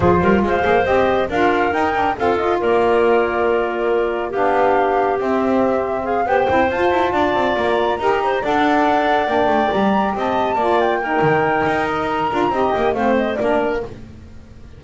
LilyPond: <<
  \new Staff \with { instrumentName = "flute" } { \time 4/4 \tempo 4 = 139 c''4 f''4 dis''4 f''4 | g''4 f''8 dis''8 d''2~ | d''2 f''2 | e''2 f''8 g''4 a''8~ |
a''4. ais''2 fis''8~ | fis''4. g''4 ais''4 a''8~ | a''4 g''2~ g''8 dis''8 | ais''4. g''8 f''8 dis''8 d''4 | }
  \new Staff \with { instrumentName = "clarinet" } { \time 4/4 gis'8 ais'8 c''2 ais'4~ | ais'4 a'4 ais'2~ | ais'2 g'2~ | g'2 gis'8 c''4.~ |
c''8 d''2 ais'8 c''8 d''8~ | d''2.~ d''8 dis''8~ | dis''8 d''4 ais'2~ ais'8~ | ais'4 dis''4 c''4 ais'4 | }
  \new Staff \with { instrumentName = "saxophone" } { \time 4/4 f'4. gis'8 g'4 f'4 | dis'8 d'8 c'8 f'2~ f'8~ | f'2 d'2 | c'2~ c'8 g'8 e'8 f'8~ |
f'2~ f'8 g'4 a'8~ | a'4. d'4 g'4.~ | g'8 f'4 dis'2~ dis'8~ | dis'8 f'8 g'4 c'4 d'4 | }
  \new Staff \with { instrumentName = "double bass" } { \time 4/4 f8 g8 gis8 ais8 c'4 d'4 | dis'4 f'4 ais2~ | ais2 b2 | c'2~ c'8 b8 c'8 f'8 |
e'8 d'8 c'8 ais4 dis'4 d'8~ | d'4. ais8 a8 g4 c'8~ | c'8 ais4. dis4 dis'4~ | dis'8 d'8 c'8 ais8 a4 ais4 | }
>>